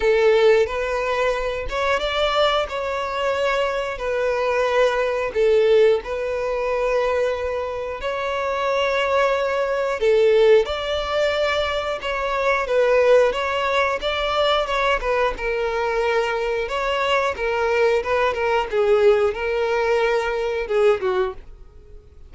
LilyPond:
\new Staff \with { instrumentName = "violin" } { \time 4/4 \tempo 4 = 90 a'4 b'4. cis''8 d''4 | cis''2 b'2 | a'4 b'2. | cis''2. a'4 |
d''2 cis''4 b'4 | cis''4 d''4 cis''8 b'8 ais'4~ | ais'4 cis''4 ais'4 b'8 ais'8 | gis'4 ais'2 gis'8 fis'8 | }